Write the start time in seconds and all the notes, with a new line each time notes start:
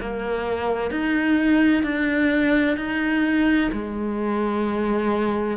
0.00 A#3
0.90 D#4
1.83 D4
2.77 D#4
3.72 G#3